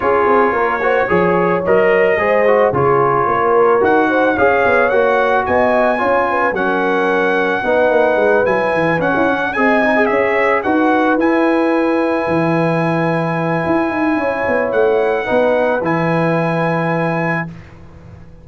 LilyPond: <<
  \new Staff \with { instrumentName = "trumpet" } { \time 4/4 \tempo 4 = 110 cis''2. dis''4~ | dis''4 cis''2 fis''4 | f''4 fis''4 gis''2 | fis''2.~ fis''8 gis''8~ |
gis''8 fis''4 gis''4 e''4 fis''8~ | fis''8 gis''2.~ gis''8~ | gis''2. fis''4~ | fis''4 gis''2. | }
  \new Staff \with { instrumentName = "horn" } { \time 4/4 gis'4 ais'8 c''8 cis''2 | c''4 gis'4 ais'4. c''8 | cis''2 dis''4 cis''8 b'8 | ais'2 b'2~ |
b'8. cis''8. dis''4 cis''4 b'8~ | b'1~ | b'2 cis''2 | b'1 | }
  \new Staff \with { instrumentName = "trombone" } { \time 4/4 f'4. fis'8 gis'4 ais'4 | gis'8 fis'8 f'2 fis'4 | gis'4 fis'2 f'4 | cis'2 dis'4. e'8~ |
e'8 cis'4 gis'8 dis'16 gis'4~ gis'16 fis'8~ | fis'8 e'2.~ e'8~ | e'1 | dis'4 e'2. | }
  \new Staff \with { instrumentName = "tuba" } { \time 4/4 cis'8 c'8 ais4 f4 fis4 | gis4 cis4 ais4 dis'4 | cis'8 b8 ais4 b4 cis'4 | fis2 b8 ais8 gis8 fis8 |
e8 cis'16 e'16 cis'8 c'4 cis'4 dis'8~ | dis'8 e'2 e4.~ | e4 e'8 dis'8 cis'8 b8 a4 | b4 e2. | }
>>